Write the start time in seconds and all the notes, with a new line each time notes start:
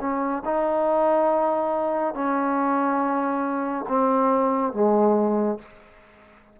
0.00 C#4
0.44 D#4
2.14 C#4
3.88 C4
4.73 G#3